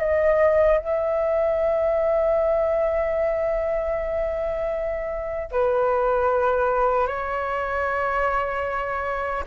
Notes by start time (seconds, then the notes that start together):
0.00 D#5
0.78 E5
5.51 B4
7.07 C#5